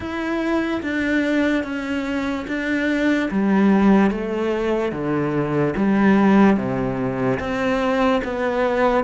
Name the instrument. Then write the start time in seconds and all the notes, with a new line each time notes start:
cello
0.00 E4
0.82 D4
1.63 C#4
2.47 D4
3.31 G3
4.11 A3
4.91 D3
5.76 G3
6.56 C3
7.39 C4
8.23 B3